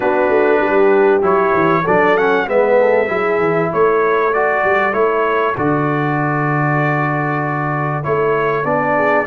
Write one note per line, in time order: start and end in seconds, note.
0.00 0.29 B3
0.00 1.22 D4
0.00 0.61 F#4
0.00 1.22 B4
0.29 0.60 A3
0.60 1.21 G3
0.60 1.83 G4
1.22 1.53 F#3
1.22 1.83 E4
1.22 1.86 C#5
1.53 1.84 E3
1.83 2.47 F#3
1.83 2.17 D4
1.83 2.45 A4
1.83 2.17 D5
2.17 2.47 C#4
2.17 2.48 F#5
2.47 3.08 G#3
2.47 3.08 B3
2.47 2.80 B4
2.47 3.73 E5
2.80 3.11 A4
3.08 3.38 F#3
3.08 4.31 E4
3.08 3.70 G#4
3.38 3.69 E3
3.70 4.63 A3
3.70 8.96 A4
3.70 4.33 C#5
4.33 4.92 F#4
4.33 4.93 D5
4.63 4.93 G3
4.92 5.55 A3
4.92 5.54 E4
4.92 5.55 C#5
5.57 8.04 D3
5.57 8.03 F#4
5.57 8.04 D5
8.03 8.64 A3
8.03 8.64 E4
8.03 8.65 C#5
8.64 9.26 B3
8.64 9.26 D4
8.64 9.26 D5
8.96 9.26 G#4